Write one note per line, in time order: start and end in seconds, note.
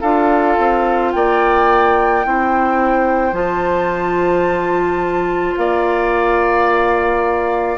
0.00 0.57 D4
0.00 2.25 F4
0.00 1.11 A4
0.00 1.11 F5
0.57 1.13 C4
1.11 2.25 A#3
1.11 2.26 D5
1.11 3.34 G5
2.25 3.32 C4
2.25 3.33 E4
2.25 5.59 C5
3.32 5.54 F3
3.32 7.77 F4
3.32 5.56 A5
5.56 7.77 A#3
5.56 7.77 D5
5.56 7.77 F5